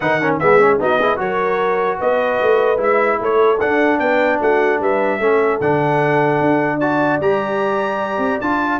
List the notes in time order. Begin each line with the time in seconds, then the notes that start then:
0.00 D#3 D#4 B4 F#5
0.20 C#4 A#4
0.39 G#3 B3 G#4 E5
0.59 C#4
0.79 B3 D#4 F#4 D#5
0.99 E4 G#4
1.16 F#3 F#4 A#4 C#5
1.98 B3 B4 D#5
2.42 A3
2.77 G#3 E4 E5
3.19 A3 A4 C#5
3.60 D4 F#5
3.99 B3 B4 G5
4.40 A3 F#4 F#5
4.79 G3 B4 E5
5.19 A3 C#4 A4
5.60 D3 D4 F#5
6.40 D4
6.77 F#4 D5 A5
7.20 G3 G4 A#5
8.18 C4
8.40 D4 F4 A5